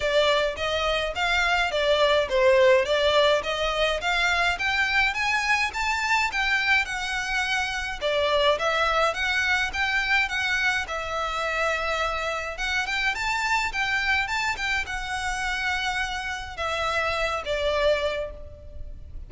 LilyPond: \new Staff \with { instrumentName = "violin" } { \time 4/4 \tempo 4 = 105 d''4 dis''4 f''4 d''4 | c''4 d''4 dis''4 f''4 | g''4 gis''4 a''4 g''4 | fis''2 d''4 e''4 |
fis''4 g''4 fis''4 e''4~ | e''2 fis''8 g''8 a''4 | g''4 a''8 g''8 fis''2~ | fis''4 e''4. d''4. | }